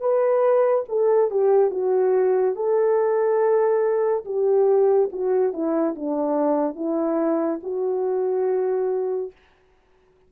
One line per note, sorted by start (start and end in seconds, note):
0.00 0.85 B4
0.88 1.31 A4
1.31 1.71 G4
1.71 2.55 F#4
2.55 4.24 A4
4.25 5.09 G4
5.12 5.53 F#4
5.53 5.95 E4
5.95 6.75 D4
6.75 7.60 E4
7.63 9.32 F#4